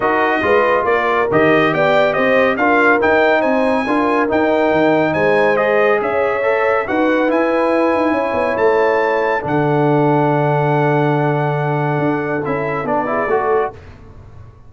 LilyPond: <<
  \new Staff \with { instrumentName = "trumpet" } { \time 4/4 \tempo 4 = 140 dis''2 d''4 dis''4 | g''4 dis''4 f''4 g''4 | gis''2 g''2 | gis''4 dis''4 e''2 |
fis''4 gis''2. | a''2 fis''2~ | fis''1~ | fis''4 e''4 d''2 | }
  \new Staff \with { instrumentName = "horn" } { \time 4/4 ais'4 b'4 ais'2 | d''4 c''4 ais'2 | c''4 ais'2. | c''2 cis''2 |
b'2. cis''4~ | cis''2 a'2~ | a'1~ | a'2~ a'8 gis'8 a'4 | }
  \new Staff \with { instrumentName = "trombone" } { \time 4/4 fis'4 f'2 g'4~ | g'2 f'4 dis'4~ | dis'4 f'4 dis'2~ | dis'4 gis'2 a'4 |
fis'4 e'2.~ | e'2 d'2~ | d'1~ | d'4 e'4 d'8 e'8 fis'4 | }
  \new Staff \with { instrumentName = "tuba" } { \time 4/4 dis'4 gis4 ais4 dis4 | b4 c'4 d'4 dis'4 | c'4 d'4 dis'4 dis4 | gis2 cis'2 |
dis'4 e'4. dis'8 cis'8 b8 | a2 d2~ | d1 | d'4 cis'4 b4 a4 | }
>>